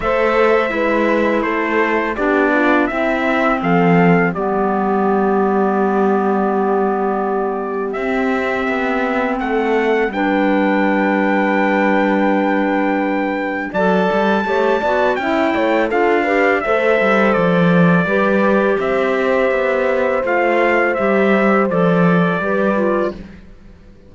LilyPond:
<<
  \new Staff \with { instrumentName = "trumpet" } { \time 4/4 \tempo 4 = 83 e''2 c''4 d''4 | e''4 f''4 d''2~ | d''2. e''4~ | e''4 fis''4 g''2~ |
g''2. a''4~ | a''4 g''4 f''4 e''4 | d''2 e''2 | f''4 e''4 d''2 | }
  \new Staff \with { instrumentName = "horn" } { \time 4/4 c''4 b'4 a'4 g'8 f'8 | e'4 a'4 g'2~ | g'1~ | g'4 a'4 b'2~ |
b'2. d''4 | cis''8 d''8 e''8 cis''8 a'8 b'8 c''4~ | c''4 b'4 c''2~ | c''2. b'4 | }
  \new Staff \with { instrumentName = "clarinet" } { \time 4/4 a'4 e'2 d'4 | c'2 b2~ | b2. c'4~ | c'2 d'2~ |
d'2. a'4 | g'8 fis'8 e'4 f'8 g'8 a'4~ | a'4 g'2. | f'4 g'4 a'4 g'8 f'8 | }
  \new Staff \with { instrumentName = "cello" } { \time 4/4 a4 gis4 a4 b4 | c'4 f4 g2~ | g2. c'4 | b4 a4 g2~ |
g2. fis8 g8 | a8 b8 cis'8 a8 d'4 a8 g8 | f4 g4 c'4 b4 | a4 g4 f4 g4 | }
>>